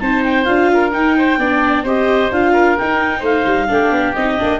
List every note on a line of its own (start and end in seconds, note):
0.00 0.47 C4
0.00 0.45 D#4
0.00 0.71 C5
0.00 0.23 A5
0.24 0.44 G5
0.44 0.93 D4
0.44 0.91 F4
0.44 0.90 F5
0.73 1.17 A#4
0.92 1.38 D#4
0.92 1.85 G5
1.17 1.39 C5
1.38 1.84 B3
1.38 1.85 D4
1.38 1.83 D5
1.83 2.30 C4
1.83 2.32 G4
1.83 2.52 C5
1.83 2.32 D#5
2.31 2.77 D4
2.31 2.78 F4
2.31 2.77 F5
2.53 3.19 A#4
2.77 3.68 D#4
2.77 3.21 D#4
2.77 3.24 G5
3.19 3.44 A3
3.19 3.65 C5
3.19 4.14 F5
3.45 3.68 G3
3.68 3.91 A3
3.68 4.14 D4
3.68 4.60 G4
3.91 4.14 B3
4.14 4.39 C4
4.14 4.38 D#4
4.14 4.60 D#5
4.38 4.60 A#3
4.38 4.60 D4